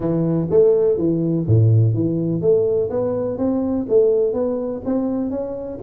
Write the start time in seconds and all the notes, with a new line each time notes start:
0.00 E3
0.50 A3
0.97 E3
1.46 A2
1.94 E3
2.41 A3
2.90 B3
3.37 C4
3.88 A3
4.33 B3
4.85 C4
5.30 C#4